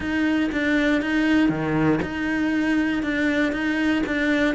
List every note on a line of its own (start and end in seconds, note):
0.00 0.50 D#4
0.52 1.01 D4
1.01 1.49 D#4
1.49 1.99 D#3
2.01 3.02 D#4
3.03 3.52 D4
3.52 4.02 D#4
4.06 4.54 D4